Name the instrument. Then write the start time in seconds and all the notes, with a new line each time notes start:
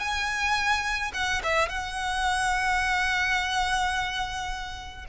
violin
0.00 G#5
1.14 F#5
1.43 E5
1.69 F#5